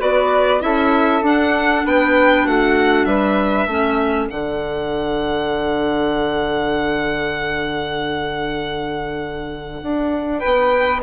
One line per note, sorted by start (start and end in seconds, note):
0.00 0.62 B3
0.00 0.60 F#4
0.00 0.61 B4
0.00 0.62 D5
0.60 1.22 C#4
0.60 1.21 E4
0.60 1.85 A4
0.60 1.23 E5
1.22 1.83 D4
1.22 3.68 D4
1.22 1.86 F#5
1.85 2.47 B3
1.85 2.46 B4
1.85 2.47 G5
2.46 3.05 A3
2.46 3.07 F#4
2.46 3.05 F#5
3.05 3.66 G3
3.05 3.68 B4
3.05 4.28 E5
3.66 4.28 A3
3.66 4.30 C#4
3.66 10.40 A4
4.30 9.82 D3
4.30 11.03 D4
4.30 10.39 F#5
9.82 10.44 D4
10.39 11.03 B3
10.39 11.01 B4
10.39 11.00 G5